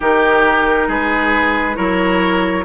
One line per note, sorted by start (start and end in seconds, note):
0.00 0.88 D#3
0.00 1.75 D#4
0.00 0.88 G4
0.00 0.90 A#4
0.88 1.76 G#3
0.88 1.76 G#4
0.88 1.76 B4
1.75 2.65 F#3
1.75 2.63 E4
1.75 2.64 A#4
1.75 2.64 C#5